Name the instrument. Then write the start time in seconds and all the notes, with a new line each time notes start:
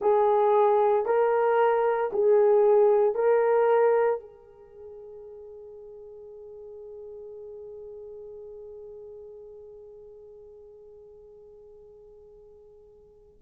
horn
0.01 G#4
1.05 A#4
2.12 G#4
3.14 A#4
4.20 G#4